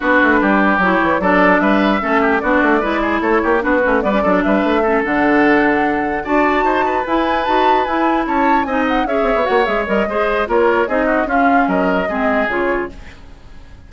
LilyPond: <<
  \new Staff \with { instrumentName = "flute" } { \time 4/4 \tempo 4 = 149 b'2 cis''4 d''4 | e''2 d''2 | cis''4 b'4 d''4 e''4~ | e''8 fis''2. a''8~ |
a''4. gis''4 a''4 gis''8~ | gis''8 a''4 gis''8 fis''8 e''4 fis''8 | e''8 dis''4. cis''4 dis''4 | f''4 dis''2 cis''4 | }
  \new Staff \with { instrumentName = "oboe" } { \time 4/4 fis'4 g'2 a'4 | b'4 a'8 g'8 fis'4 b'8 gis'8 | a'8 g'8 fis'4 b'8 a'8 b'4 | a'2.~ a'8 d''8~ |
d''8 c''8 b'2.~ | b'8 cis''4 dis''4 cis''4.~ | cis''4 c''4 ais'4 gis'8 fis'8 | f'4 ais'4 gis'2 | }
  \new Staff \with { instrumentName = "clarinet" } { \time 4/4 d'2 e'4 d'4~ | d'4 cis'4 d'4 e'4~ | e'4 d'8 cis'8 b16 cis'16 d'4. | cis'8 d'2. fis'8~ |
fis'4. e'4 fis'4 e'8~ | e'4. dis'4 gis'4 fis'8 | gis'8 ais'8 gis'4 f'4 dis'4 | cis'2 c'4 f'4 | }
  \new Staff \with { instrumentName = "bassoon" } { \time 4/4 b8 a8 g4 fis8 e8 fis4 | g4 a4 b8 a8 gis4 | a8 ais8 b8 a8 g8 fis8 g8 a8~ | a8 d2. d'8~ |
d'8 dis'4 e'4 dis'4 e'8~ | e'8 cis'4 c'4 cis'8 c'16 b16 ais8 | gis8 g8 gis4 ais4 c'4 | cis'4 fis4 gis4 cis4 | }
>>